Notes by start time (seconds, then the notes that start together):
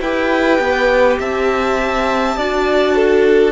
0.00 E4 G4 B4 G5
0.59 B3
1.19 C4 E5 A5
2.37 D4 F#4 D5
2.96 A4